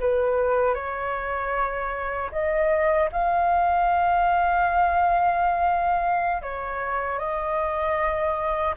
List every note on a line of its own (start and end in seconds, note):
0.00 0.75 B4
0.75 2.31 C#5
2.32 3.10 D#5
3.12 6.42 F5
6.42 7.19 C#5
7.19 8.75 D#5